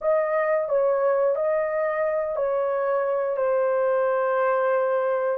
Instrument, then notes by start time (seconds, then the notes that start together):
horn
0.01 D#5
0.68 C#5
1.35 D#5
2.36 C#5
3.36 C5